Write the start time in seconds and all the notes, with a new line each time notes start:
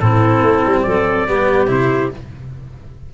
0.00 A2 C4 E4 A4
0.41 A3
0.66 G3
0.82 F#3 A4 D5
1.28 G3 B3 G4
1.67 C3 E4 C5